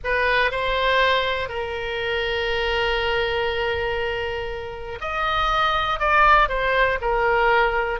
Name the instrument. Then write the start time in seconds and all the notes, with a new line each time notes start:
oboe
0.04 B4
0.51 C5
1.48 A#4
5.00 D#5
5.99 D5
6.49 C5
7.01 A#4